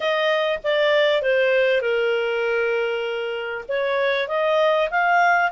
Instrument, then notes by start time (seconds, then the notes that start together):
clarinet
0.00 D#5
0.63 D5
1.22 C5
1.81 A#4
3.68 C#5
4.28 D#5
4.90 F5